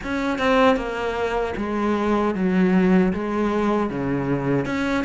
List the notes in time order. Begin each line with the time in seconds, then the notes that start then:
0.03 C#4
0.38 C4
0.76 A#3
1.56 G#3
2.34 F#3
3.13 G#3
3.90 C#3
4.65 C#4